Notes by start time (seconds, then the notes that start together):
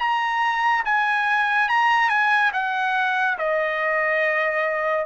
0.00 A#5
0.85 G#5
1.69 A#5
2.10 G#5
2.54 F#5
3.39 D#5